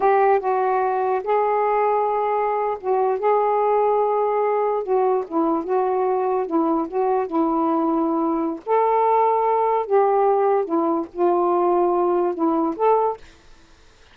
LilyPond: \new Staff \with { instrumentName = "saxophone" } { \time 4/4 \tempo 4 = 146 g'4 fis'2 gis'4~ | gis'2~ gis'8. fis'4 gis'16~ | gis'2.~ gis'8. fis'16~ | fis'8. e'4 fis'2 e'16~ |
e'8. fis'4 e'2~ e'16~ | e'4 a'2. | g'2 e'4 f'4~ | f'2 e'4 a'4 | }